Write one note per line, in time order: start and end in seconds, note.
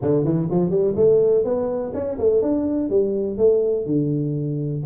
0.01 0.24 D3
0.24 0.48 E3
0.50 0.70 F3
0.70 0.94 G3
0.95 1.44 A3
1.44 1.92 B3
1.94 2.18 C#4
2.18 2.42 A3
2.42 2.89 D4
2.89 3.37 G3
3.37 3.86 A3
3.86 4.83 D3